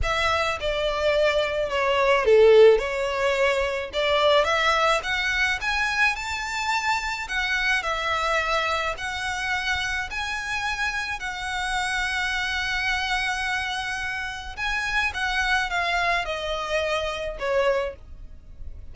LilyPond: \new Staff \with { instrumentName = "violin" } { \time 4/4 \tempo 4 = 107 e''4 d''2 cis''4 | a'4 cis''2 d''4 | e''4 fis''4 gis''4 a''4~ | a''4 fis''4 e''2 |
fis''2 gis''2 | fis''1~ | fis''2 gis''4 fis''4 | f''4 dis''2 cis''4 | }